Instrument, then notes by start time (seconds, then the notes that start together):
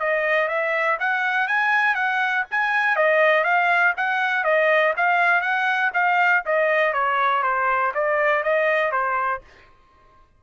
trumpet
0.00 D#5
0.48 E5
1.00 F#5
1.48 G#5
1.95 F#5
2.52 G#5
2.96 D#5
3.45 F5
3.97 F#5
4.45 D#5
4.97 F5
5.42 F#5
5.94 F5
6.46 D#5
6.94 C#5
7.43 C5
7.95 D5
8.44 D#5
8.92 C5